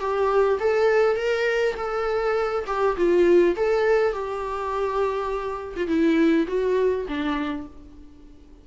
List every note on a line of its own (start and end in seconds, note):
0.00 0.59 G4
0.60 1.17 A4
1.17 1.75 A#4
1.77 2.65 A4
2.67 2.97 G4
2.97 3.56 F4
3.56 4.13 A4
4.13 5.75 G4
5.76 5.88 F4
5.88 6.47 E4
6.48 7.06 F#4
7.09 7.67 D4